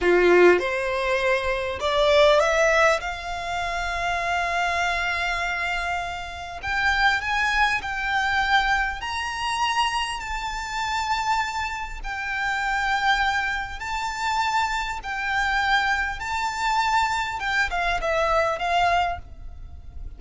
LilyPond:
\new Staff \with { instrumentName = "violin" } { \time 4/4 \tempo 4 = 100 f'4 c''2 d''4 | e''4 f''2.~ | f''2. g''4 | gis''4 g''2 ais''4~ |
ais''4 a''2. | g''2. a''4~ | a''4 g''2 a''4~ | a''4 g''8 f''8 e''4 f''4 | }